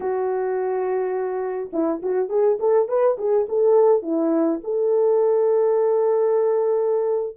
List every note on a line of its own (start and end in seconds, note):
0.00 1.70 F#4
1.73 2.01 E4
2.02 2.29 F#4
2.29 2.58 G#4
2.59 2.88 A4
2.88 3.17 B4
3.18 3.46 G#4
3.49 4.02 A4
4.02 4.60 E4
4.63 7.36 A4